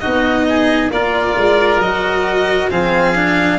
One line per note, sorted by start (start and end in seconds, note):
0.00 0.90 B3
0.00 0.91 D#4
0.00 0.46 F#4
0.00 0.90 D#5
0.49 0.93 G#4
0.90 1.35 A#3
0.90 1.83 F4
0.90 2.71 A#4
0.90 1.80 D5
1.37 1.78 G#3
1.78 2.68 F#3
1.78 2.70 F#4
1.78 2.70 D#5
2.70 3.59 F3
2.70 3.15 C4
2.70 3.59 G#4
2.70 3.59 F5
3.15 3.59 D4